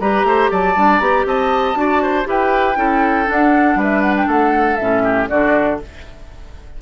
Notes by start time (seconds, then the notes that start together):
0.00 G3 G4 B4 A#5
0.24 A3 C5
0.51 F#3 D5 A5
0.76 G3 D4
0.99 B3 G4 A#5
1.26 C4 D#5 A5
1.75 D4 F#4 D5
2.03 C5
2.25 E4 G4 B4 G5
2.77 C#4 E4 A4
3.26 D4 F#5
3.75 G3 B4
3.83 E5
4.02 F#5
4.17 G5
4.27 A3 A4 F#5
4.76 A2 C#4 E5
5.03 G4
5.29 D3 D4 F#4 D5